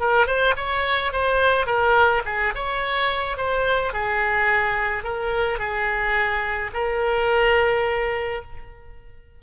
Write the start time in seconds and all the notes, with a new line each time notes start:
0.00 A#4
0.27 C5
0.57 C#5
1.13 C5
1.67 A#4
2.26 G#4
2.55 C#5
3.37 C5
3.94 G#4
5.04 A#4
5.59 G#4
6.74 A#4